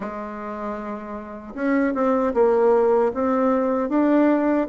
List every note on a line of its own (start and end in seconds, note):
0.00 1.53 G#3
1.54 1.93 C#4
1.94 2.33 C4
2.34 3.12 A#3
3.14 3.89 C4
3.89 4.67 D4